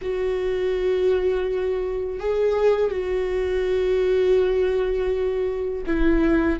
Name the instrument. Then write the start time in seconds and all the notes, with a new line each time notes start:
viola
0.01 F#4
2.19 G#4
2.90 F#4
5.86 E4